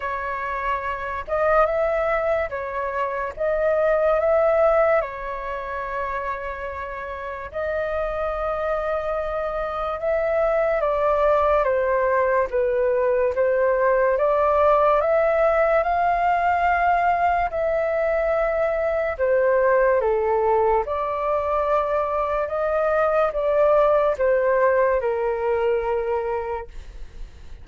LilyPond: \new Staff \with { instrumentName = "flute" } { \time 4/4 \tempo 4 = 72 cis''4. dis''8 e''4 cis''4 | dis''4 e''4 cis''2~ | cis''4 dis''2. | e''4 d''4 c''4 b'4 |
c''4 d''4 e''4 f''4~ | f''4 e''2 c''4 | a'4 d''2 dis''4 | d''4 c''4 ais'2 | }